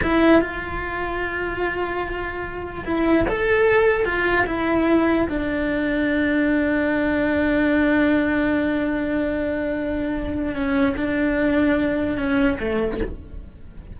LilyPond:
\new Staff \with { instrumentName = "cello" } { \time 4/4 \tempo 4 = 148 e'4 f'2.~ | f'2. e'4 | a'2 f'4 e'4~ | e'4 d'2.~ |
d'1~ | d'1~ | d'2 cis'4 d'4~ | d'2 cis'4 a4 | }